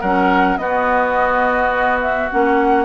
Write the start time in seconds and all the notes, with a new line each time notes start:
0.00 F#3 C#4 A#4 F#5
0.57 B3 F#4 D#5
2.01 E5
2.30 A#3 C#4 F#5